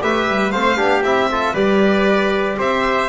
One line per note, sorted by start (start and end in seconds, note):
0.00 0.28 A3
0.00 0.52 G4
0.00 0.52 B4
0.00 0.51 E5
0.28 0.54 G3
0.51 0.80 A3
0.51 0.76 C4
0.51 0.77 C5
0.51 1.03 F5
0.76 1.01 B3
0.76 1.02 D4
0.76 1.29 G4
1.01 1.53 C4
1.01 1.30 E4
1.01 1.55 E5
1.31 1.55 F4
1.31 1.53 A4
1.53 2.58 G3
1.53 3.09 G4
1.53 2.57 B4
1.53 2.58 D5
2.58 3.09 C4
2.58 3.09 C5
2.58 3.09 E5